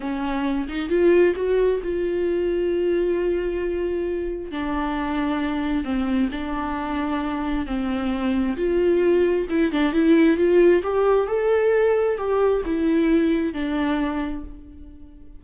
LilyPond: \new Staff \with { instrumentName = "viola" } { \time 4/4 \tempo 4 = 133 cis'4. dis'8 f'4 fis'4 | f'1~ | f'2 d'2~ | d'4 c'4 d'2~ |
d'4 c'2 f'4~ | f'4 e'8 d'8 e'4 f'4 | g'4 a'2 g'4 | e'2 d'2 | }